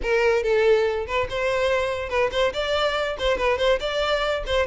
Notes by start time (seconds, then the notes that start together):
0.02 A#4
0.43 A4
1.06 B4
1.29 C5
2.09 B4
2.31 C5
2.53 D5
3.19 C5
3.37 B4
3.58 C5
3.80 D5
4.46 C5